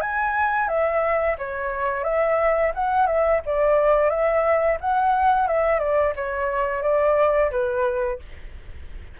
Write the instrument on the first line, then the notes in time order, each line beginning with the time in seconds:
flute
0.00 G#5
0.68 E5
1.38 C#5
2.03 E5
2.74 F#5
3.06 E5
3.45 D5
4.09 E5
4.80 F#5
5.47 E5
5.79 D5
6.15 C#5
6.82 D5
7.51 B4